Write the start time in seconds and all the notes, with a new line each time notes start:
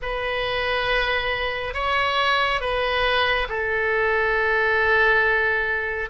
0.02 B4
1.74 C#5
2.60 B4
3.48 A4